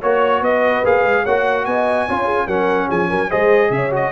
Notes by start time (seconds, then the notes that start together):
0.00 A#3 F#4 C#5
0.41 B3 B4 D#5
0.84 A#3 G#4 F5
1.04 G#3
1.23 A#3 F#4 C#5 F#5
1.65 B3 D#5 G#5
2.08 C#4 F4 C#5
2.25 G#4
2.47 F#3 C#4 A#4 F#5
2.88 F3 G#4 G#5
3.09 F#3 A#4
3.29 G#3 G#4 C5 D#5
3.70 C#3 C#5 E5
3.91 F#4 D#5